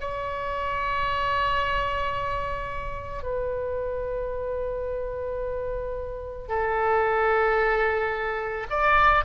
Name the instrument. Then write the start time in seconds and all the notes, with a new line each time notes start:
oboe
0.00 C#5
3.22 B4
6.48 A4
8.69 D5